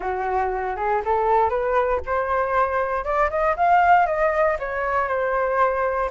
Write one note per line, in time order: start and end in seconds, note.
0.00 0.76 F#4
0.76 1.01 G#4
1.04 1.49 A4
1.49 2.00 B4
2.05 3.04 C5
3.04 3.29 D5
3.30 3.55 D#5
3.56 4.06 F5
4.06 4.57 D#5
4.59 5.08 C#5
5.08 6.09 C5